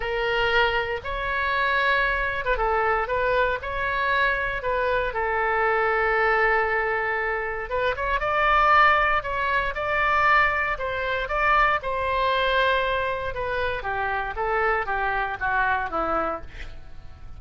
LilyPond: \new Staff \with { instrumentName = "oboe" } { \time 4/4 \tempo 4 = 117 ais'2 cis''2~ | cis''8. b'16 a'4 b'4 cis''4~ | cis''4 b'4 a'2~ | a'2. b'8 cis''8 |
d''2 cis''4 d''4~ | d''4 c''4 d''4 c''4~ | c''2 b'4 g'4 | a'4 g'4 fis'4 e'4 | }